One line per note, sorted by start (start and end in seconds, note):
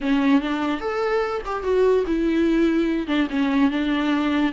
0.00 0.41 C#4
0.41 0.80 D4
0.80 1.42 A4
1.45 1.63 G4
1.63 2.04 F#4
2.07 3.07 E4
3.07 3.27 D4
3.30 3.70 C#4
3.70 4.52 D4